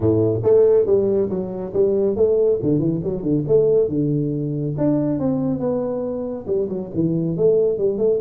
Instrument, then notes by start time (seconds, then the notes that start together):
tuba
0.00 A2
0.43 A3
0.86 G3
1.29 F#3
1.73 G3
2.15 A3
2.62 D3
2.79 E3
3.03 F#3
3.22 D3
3.47 A3
3.88 D3
4.77 D4
5.19 C4
5.59 B3
6.46 G3
6.68 F#3
6.93 E3
7.36 A3
7.78 G3
7.98 A3